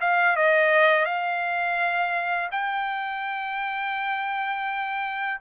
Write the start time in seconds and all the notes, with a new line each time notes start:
0.00 F5
0.36 D#5
1.05 F5
2.51 G5